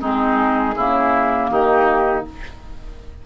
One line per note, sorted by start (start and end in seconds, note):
0.00 0.75 G#3
0.00 0.74 C4
0.00 0.75 D#4
0.00 1.50 G#4
0.76 1.50 C#3
0.76 2.26 A#3
0.76 1.50 E4
1.50 2.24 D#3
1.50 2.25 D#4
1.50 2.24 G4